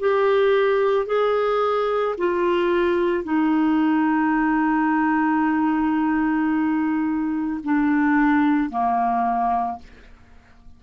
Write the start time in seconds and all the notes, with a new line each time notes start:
0.00 G4
1.07 G#4
2.18 F4
3.24 D#4
7.64 D4
8.70 A#3